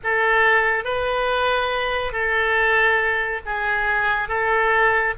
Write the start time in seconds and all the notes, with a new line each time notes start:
0.03 A4
0.84 B4
2.12 A4
3.45 G#4
4.28 A4